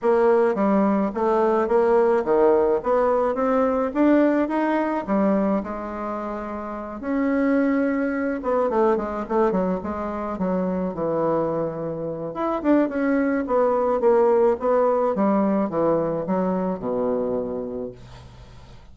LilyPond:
\new Staff \with { instrumentName = "bassoon" } { \time 4/4 \tempo 4 = 107 ais4 g4 a4 ais4 | dis4 b4 c'4 d'4 | dis'4 g4 gis2~ | gis8 cis'2~ cis'8 b8 a8 |
gis8 a8 fis8 gis4 fis4 e8~ | e2 e'8 d'8 cis'4 | b4 ais4 b4 g4 | e4 fis4 b,2 | }